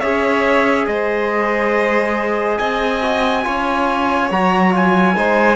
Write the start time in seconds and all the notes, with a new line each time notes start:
0.00 C#4 G#4 C#5 E5
0.87 G#3 C5 D#5
2.58 C4 D#5 G#5
3.02 F#4
3.44 C#4 F4 C#5
4.31 F#3 F#4 A#5
4.72 F4 G#5
5.17 G#3 D#4 C5